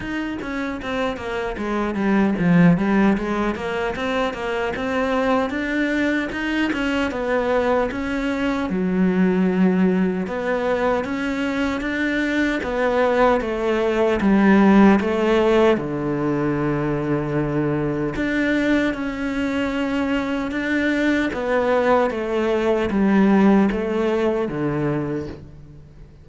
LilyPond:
\new Staff \with { instrumentName = "cello" } { \time 4/4 \tempo 4 = 76 dis'8 cis'8 c'8 ais8 gis8 g8 f8 g8 | gis8 ais8 c'8 ais8 c'4 d'4 | dis'8 cis'8 b4 cis'4 fis4~ | fis4 b4 cis'4 d'4 |
b4 a4 g4 a4 | d2. d'4 | cis'2 d'4 b4 | a4 g4 a4 d4 | }